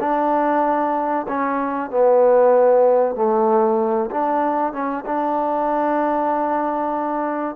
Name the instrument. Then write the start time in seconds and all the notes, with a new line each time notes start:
trombone
0.00 D4
1.28 C#4
1.90 B3
3.16 A3
4.11 D4
4.73 C#4
5.06 D4